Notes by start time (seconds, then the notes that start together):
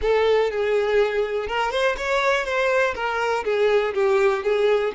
0.01 A4
0.50 G#4
1.47 A#4
1.71 C5
1.97 C#5
2.45 C5
2.94 A#4
3.44 G#4
3.94 G4
4.43 G#4